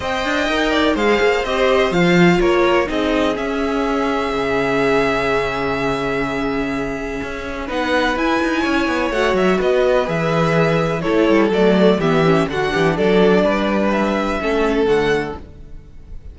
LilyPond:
<<
  \new Staff \with { instrumentName = "violin" } { \time 4/4 \tempo 4 = 125 g''2 f''4 dis''4 | f''4 cis''4 dis''4 e''4~ | e''1~ | e''1 |
fis''4 gis''2 fis''8 e''8 | dis''4 e''2 cis''4 | d''4 e''4 fis''4 d''4~ | d''4 e''2 fis''4 | }
  \new Staff \with { instrumentName = "violin" } { \time 4/4 dis''4. d''8 c''2~ | c''4 ais'4 gis'2~ | gis'1~ | gis'1 |
b'2 cis''2 | b'2. a'4~ | a'4 g'4 fis'8 g'8 a'4 | b'2 a'2 | }
  \new Staff \with { instrumentName = "viola" } { \time 4/4 c''4 ais'4 gis'4 g'4 | f'2 dis'4 cis'4~ | cis'1~ | cis'1 |
dis'4 e'2 fis'4~ | fis'4 gis'2 e'4 | a4 b8 cis'8 d'2~ | d'2 cis'4 a4 | }
  \new Staff \with { instrumentName = "cello" } { \time 4/4 c'8 d'8 dis'4 gis8 ais8 c'4 | f4 ais4 c'4 cis'4~ | cis'4 cis2.~ | cis2. cis'4 |
b4 e'8 dis'8 cis'8 b8 a8 fis8 | b4 e2 a8 g8 | fis4 e4 d8 e8 fis4 | g2 a4 d4 | }
>>